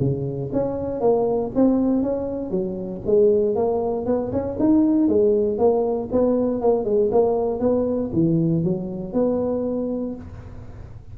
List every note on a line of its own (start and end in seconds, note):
0.00 0.51 C#3
0.53 1.01 C#4
1.01 1.52 A#3
1.55 2.03 C4
2.03 2.51 C#4
2.51 3.02 F#3
3.06 3.56 G#3
3.56 4.06 A#3
4.06 4.32 B3
4.32 4.58 C#4
4.60 5.08 D#4
5.08 5.58 G#3
5.58 6.09 A#3
6.12 6.61 B3
6.61 6.85 A#3
6.85 7.10 G#3
7.12 7.60 A#3
7.60 8.11 B3
8.13 8.64 E3
8.64 9.14 F#3
9.14 10.15 B3